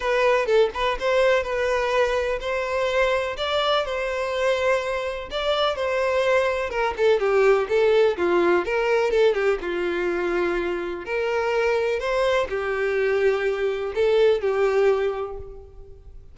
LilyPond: \new Staff \with { instrumentName = "violin" } { \time 4/4 \tempo 4 = 125 b'4 a'8 b'8 c''4 b'4~ | b'4 c''2 d''4 | c''2. d''4 | c''2 ais'8 a'8 g'4 |
a'4 f'4 ais'4 a'8 g'8 | f'2. ais'4~ | ais'4 c''4 g'2~ | g'4 a'4 g'2 | }